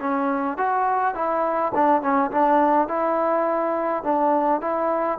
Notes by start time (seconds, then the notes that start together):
0.00 C#4
0.58 F#4
1.15 E4
1.75 D4
2.02 C#4
2.31 D4
2.88 E4
4.03 D4
4.61 E4